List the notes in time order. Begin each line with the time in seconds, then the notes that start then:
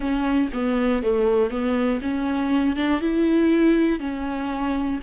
0.00 C#4
0.53 B3
1.02 A3
1.50 B3
2.01 C#4
2.75 D4
3.00 E4
3.99 C#4